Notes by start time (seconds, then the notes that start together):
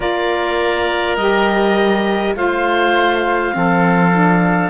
0.00 A#3 F4 A#4 D5
1.16 G3 G4 D#5
2.34 A3 F4 C5 F5
3.52 F3 C4 A4
4.12 D4